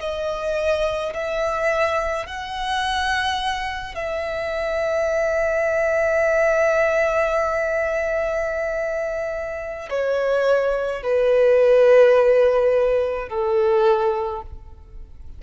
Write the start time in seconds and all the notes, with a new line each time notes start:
0.00 D#5
1.14 E5
2.26 F#5
3.95 E5
9.90 C#5
11.03 B4
13.29 A4